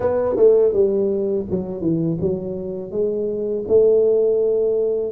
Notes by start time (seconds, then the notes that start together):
0.00 B3
0.36 A3
0.73 G3
1.50 F#3
1.81 E3
2.21 F#3
2.91 G#3
3.68 A3